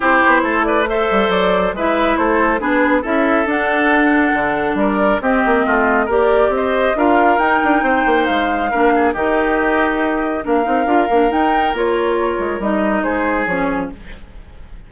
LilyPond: <<
  \new Staff \with { instrumentName = "flute" } { \time 4/4 \tempo 4 = 138 c''4. d''8 e''4 d''4 | e''4 c''4 b'4 e''4 | fis''2. d''4 | dis''2 d''4 dis''4 |
f''4 g''2 f''4~ | f''4 dis''2. | f''2 g''4 cis''4~ | cis''4 dis''4 c''4 cis''4 | }
  \new Staff \with { instrumentName = "oboe" } { \time 4/4 g'4 a'8 b'8 c''2 | b'4 a'4 gis'4 a'4~ | a'2. ais'4 | g'4 f'4 ais'4 c''4 |
ais'2 c''2 | ais'8 gis'8 g'2. | ais'1~ | ais'2 gis'2 | }
  \new Staff \with { instrumentName = "clarinet" } { \time 4/4 e'2 a'2 | e'2 d'4 e'4 | d'1 | c'2 g'2 |
f'4 dis'2. | d'4 dis'2. | d'8 dis'8 f'8 d'8 dis'4 f'4~ | f'4 dis'2 cis'4 | }
  \new Staff \with { instrumentName = "bassoon" } { \time 4/4 c'8 b8 a4. g8 fis4 | gis4 a4 b4 cis'4 | d'2 d4 g4 | c'8 ais8 a4 ais4 c'4 |
d'4 dis'8 d'8 c'8 ais8 gis4 | ais4 dis2. | ais8 c'8 d'8 ais8 dis'4 ais4~ | ais8 gis8 g4 gis4 f4 | }
>>